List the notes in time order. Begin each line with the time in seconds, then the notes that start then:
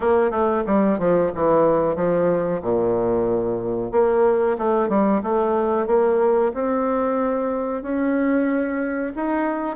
0.00 A#3
0.30 A3
0.66 G3
0.98 F3
1.34 E3
1.95 F3
2.61 A#2
3.91 A#3
4.57 A3
4.89 G3
5.22 A3
5.86 A#3
6.54 C4
7.82 C#4
9.15 D#4